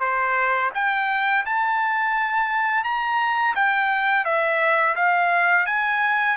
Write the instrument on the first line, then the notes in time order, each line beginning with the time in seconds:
trumpet
0.00 C5
0.74 G5
1.46 A5
2.84 A#5
3.55 G5
4.25 E5
4.96 F5
5.66 G#5